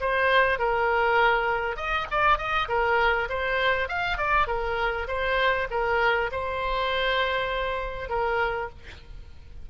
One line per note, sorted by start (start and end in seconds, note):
0.00 0.58 C5
0.58 1.76 A#4
1.76 2.06 D#5
2.11 2.38 D5
2.38 2.68 D#5
2.68 3.28 A#4
3.29 3.88 C5
3.88 4.18 F5
4.18 4.47 D5
4.47 5.07 A#4
5.07 5.67 C5
5.70 6.30 A#4
6.31 8.09 C5
8.09 8.69 A#4